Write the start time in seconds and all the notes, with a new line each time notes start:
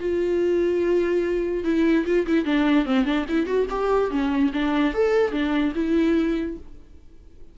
0.00 F4
1.64 E4
2.06 F4
2.27 E4
2.45 D4
2.86 C4
3.05 D4
3.29 E4
3.47 F#4
3.70 G4
4.11 C#4
4.53 D4
4.94 A4
5.32 D4
5.75 E4